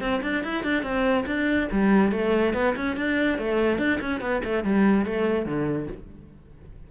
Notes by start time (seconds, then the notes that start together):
0.00 C4
0.22 D4
0.43 E4
0.63 D4
0.82 C4
1.26 D4
1.71 G3
2.11 A3
2.53 B3
2.76 C#4
2.96 D4
3.38 A3
3.78 D4
4.01 C#4
4.20 B3
4.44 A3
4.64 G3
5.05 A3
5.45 D3